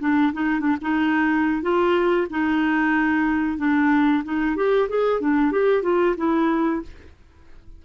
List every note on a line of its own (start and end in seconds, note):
0.00 0.33 D4
0.33 0.60 D#4
0.60 0.76 D4
0.82 1.62 D#4
1.62 2.28 F4
2.30 3.58 D#4
3.58 4.23 D4
4.24 4.56 D#4
4.56 4.89 G4
4.89 5.21 G#4
5.21 5.52 D4
5.52 5.83 G4
5.83 6.15 F4
6.17 6.82 E4